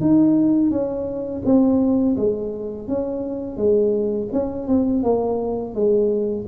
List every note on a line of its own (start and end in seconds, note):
0.00 0.70 D#4
0.70 1.42 C#4
1.44 2.16 C4
2.16 2.88 G#3
2.88 3.56 C#4
3.56 4.28 G#3
4.32 4.67 C#4
4.67 5.03 C4
5.03 5.74 A#3
5.74 6.45 G#3